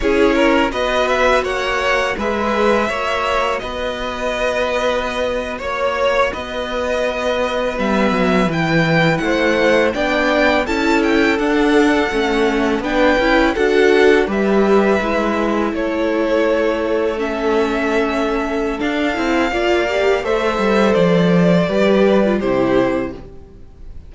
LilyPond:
<<
  \new Staff \with { instrumentName = "violin" } { \time 4/4 \tempo 4 = 83 cis''4 dis''8 e''8 fis''4 e''4~ | e''4 dis''2~ dis''8. cis''16~ | cis''8. dis''2 e''4 g''16~ | g''8. fis''4 g''4 a''8 g''8 fis''16~ |
fis''4.~ fis''16 g''4 fis''4 e''16~ | e''4.~ e''16 cis''2 e''16~ | e''2 f''2 | e''4 d''2 c''4 | }
  \new Staff \with { instrumentName = "violin" } { \time 4/4 gis'8 ais'8 b'4 cis''4 b'4 | cis''4 b'2~ b'8. cis''16~ | cis''8. b'2.~ b'16~ | b'8. c''4 d''4 a'4~ a'16~ |
a'4.~ a'16 b'4 a'4 b'16~ | b'4.~ b'16 a'2~ a'16~ | a'2. d''4 | c''2 b'4 g'4 | }
  \new Staff \with { instrumentName = "viola" } { \time 4/4 e'4 fis'2 gis'4 | fis'1~ | fis'2~ fis'8. b4 e'16~ | e'4.~ e'16 d'4 e'4 d'16~ |
d'8. cis'4 d'8 e'8 fis'4 g'16~ | g'8. e'2. cis'16~ | cis'2 d'8 e'8 f'8 g'8 | a'2 g'8. f'16 e'4 | }
  \new Staff \with { instrumentName = "cello" } { \time 4/4 cis'4 b4 ais4 gis4 | ais4 b2~ b8. ais16~ | ais8. b2 g8 fis8 e16~ | e8. a4 b4 cis'4 d'16~ |
d'8. a4 b8 cis'8 d'4 g16~ | g8. gis4 a2~ a16~ | a2 d'8 c'8 ais4 | a8 g8 f4 g4 c4 | }
>>